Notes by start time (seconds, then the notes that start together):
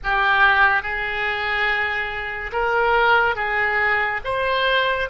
0.03 G4
0.82 G#4
2.52 A#4
3.35 G#4
4.24 C5